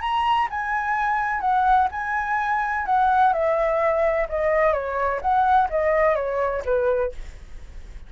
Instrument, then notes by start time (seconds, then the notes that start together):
flute
0.00 A#5
0.50 G#5
1.40 F#5
1.91 G#5
2.85 F#5
3.33 E5
4.29 D#5
4.73 C#5
5.21 F#5
5.69 D#5
6.15 C#5
6.64 B4